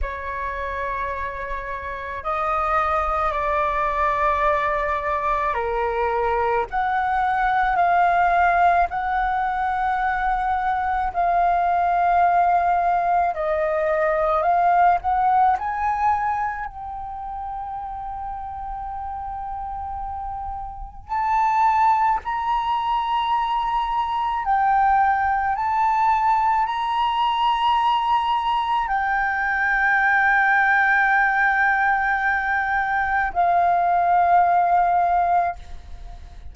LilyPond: \new Staff \with { instrumentName = "flute" } { \time 4/4 \tempo 4 = 54 cis''2 dis''4 d''4~ | d''4 ais'4 fis''4 f''4 | fis''2 f''2 | dis''4 f''8 fis''8 gis''4 g''4~ |
g''2. a''4 | ais''2 g''4 a''4 | ais''2 g''2~ | g''2 f''2 | }